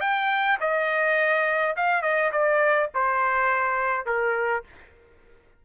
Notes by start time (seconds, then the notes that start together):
0.00 G5
0.60 D#5
1.76 F5
2.02 D#5
2.32 D5
2.94 C5
4.05 A#4